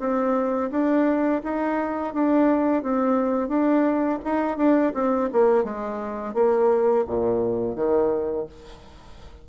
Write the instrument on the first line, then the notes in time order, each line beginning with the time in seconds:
bassoon
0.00 C4
0.71 D4
1.44 D#4
2.14 D4
2.83 C4
3.48 D4
4.25 D#4
4.58 D4
4.94 C4
5.33 A#3
5.64 G#3
6.34 A#3
7.07 A#2
7.76 D#3